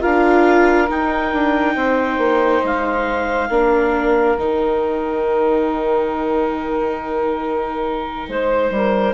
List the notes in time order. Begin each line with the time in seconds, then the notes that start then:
0.00 D4 F4 A#4 F5
0.88 D#4 G5
1.32 D4
1.75 C4 C5
2.17 A#3
2.63 G#3 F5
3.49 A#3 D4 A#4
4.37 D#3 D#4 G5
8.28 G#3 C5
8.70 G3 A#4